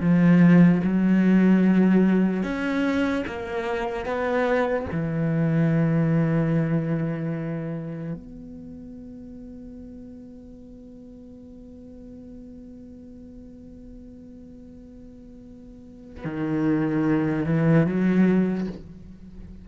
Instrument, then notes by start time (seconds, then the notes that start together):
cello
0.00 F3
0.83 F#3
2.43 C#4
3.26 A#3
4.05 B3
4.92 E3
8.13 B3
16.24 D#3
17.45 E3
17.86 F#3